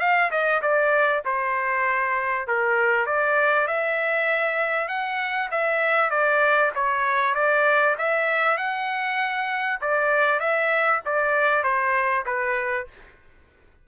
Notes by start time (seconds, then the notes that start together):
0.00 F5
0.31 D#5
0.62 D5
1.25 C5
2.47 A#4
3.06 D5
3.68 E5
4.88 F#5
5.51 E5
6.10 D5
6.75 C#5
7.35 D5
7.98 E5
8.57 F#5
9.81 D5
10.40 E5
11.05 D5
11.63 C5
12.26 B4